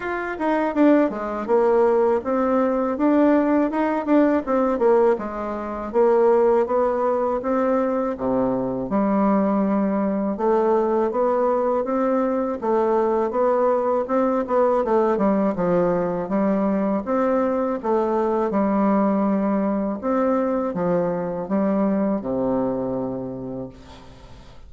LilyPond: \new Staff \with { instrumentName = "bassoon" } { \time 4/4 \tempo 4 = 81 f'8 dis'8 d'8 gis8 ais4 c'4 | d'4 dis'8 d'8 c'8 ais8 gis4 | ais4 b4 c'4 c4 | g2 a4 b4 |
c'4 a4 b4 c'8 b8 | a8 g8 f4 g4 c'4 | a4 g2 c'4 | f4 g4 c2 | }